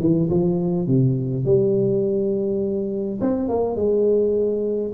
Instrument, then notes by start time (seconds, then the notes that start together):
tuba
0.00 E3
0.30 F3
0.87 C3
1.45 G3
3.20 C4
3.48 A#3
3.75 G#3